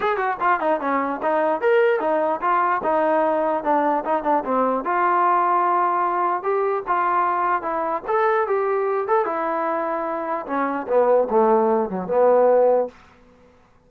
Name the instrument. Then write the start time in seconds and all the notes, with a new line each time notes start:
trombone
0.00 G#4
0.16 F#4
0.40 F4
0.60 D#4
0.80 C#4
1.22 D#4
1.61 A#4
2.00 D#4
2.41 F4
2.83 D#4
3.63 D4
4.05 D#4
4.23 D4
4.44 C4
4.84 F4
6.42 G4
6.87 F4
7.62 E4
8.07 A4
8.47 G4
9.07 A4
9.25 E4
10.46 C#4
10.87 B3
11.30 A3
11.89 F#3
12.07 B3